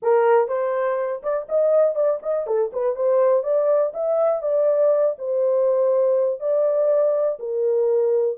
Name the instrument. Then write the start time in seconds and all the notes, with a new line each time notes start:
horn
0.02 A#4
0.48 C5
1.22 D5
1.49 D#5
1.95 D5
2.22 D#5
2.46 A4
2.73 B4
2.95 C5
3.43 D5
3.93 E5
4.42 D5
5.18 C5
6.40 D5
7.39 A#4